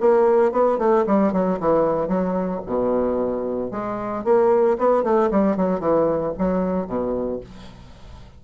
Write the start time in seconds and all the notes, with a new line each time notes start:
0.00 A#3
0.52 B3
0.78 A3
1.06 G3
1.32 F#3
1.60 E3
2.08 F#3
2.66 B2
3.71 G#3
4.24 A#3
4.78 B3
5.03 A3
5.31 G3
5.57 F#3
5.80 E3
6.38 F#3
6.87 B2